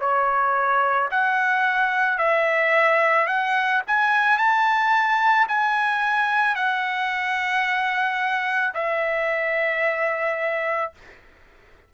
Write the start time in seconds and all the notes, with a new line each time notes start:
0.00 C#5
1.11 F#5
2.18 E5
3.27 F#5
3.86 G#5
4.37 A5
5.48 G#5
6.55 F#5
8.74 E5